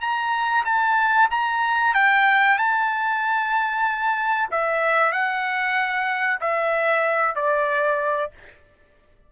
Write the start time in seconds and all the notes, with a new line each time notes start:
0.00 A#5
0.65 A5
1.30 A#5
1.94 G5
2.58 A5
4.50 E5
5.12 F#5
6.40 E5
7.35 D5